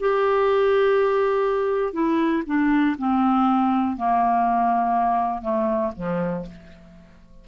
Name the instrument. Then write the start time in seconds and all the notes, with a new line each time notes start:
clarinet
0.00 G4
1.93 E4
2.46 D4
2.98 C4
3.97 A#3
5.42 A3
5.96 F3